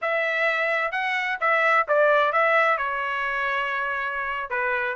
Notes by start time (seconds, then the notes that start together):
0.01 E5
0.91 F#5
1.40 E5
1.88 D5
2.32 E5
2.77 C#5
4.50 B4